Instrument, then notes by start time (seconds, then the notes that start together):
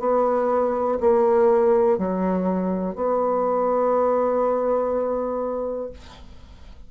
bassoon
0.00 B3
1.01 A#3
1.99 F#3
2.96 B3